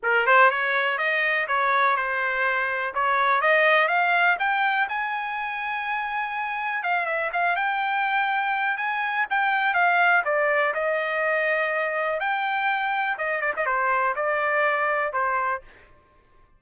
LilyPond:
\new Staff \with { instrumentName = "trumpet" } { \time 4/4 \tempo 4 = 123 ais'8 c''8 cis''4 dis''4 cis''4 | c''2 cis''4 dis''4 | f''4 g''4 gis''2~ | gis''2 f''8 e''8 f''8 g''8~ |
g''2 gis''4 g''4 | f''4 d''4 dis''2~ | dis''4 g''2 dis''8 d''16 dis''16 | c''4 d''2 c''4 | }